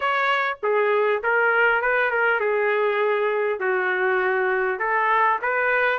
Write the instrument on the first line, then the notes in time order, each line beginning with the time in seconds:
trumpet
0.00 C#5
0.62 G#4
1.23 A#4
1.81 B4
2.10 A#4
2.40 G#4
3.59 F#4
4.79 A4
5.41 B4